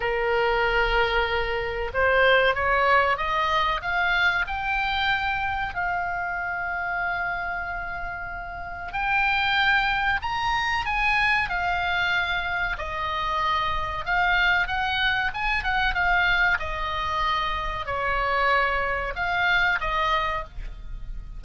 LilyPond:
\new Staff \with { instrumentName = "oboe" } { \time 4/4 \tempo 4 = 94 ais'2. c''4 | cis''4 dis''4 f''4 g''4~ | g''4 f''2.~ | f''2 g''2 |
ais''4 gis''4 f''2 | dis''2 f''4 fis''4 | gis''8 fis''8 f''4 dis''2 | cis''2 f''4 dis''4 | }